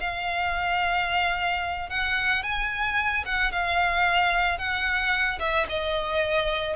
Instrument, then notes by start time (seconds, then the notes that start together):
violin
0.00 F5
1.89 F#5
2.43 G#5
3.25 F#5
3.51 F5
4.58 F#5
5.39 E5
5.69 D#5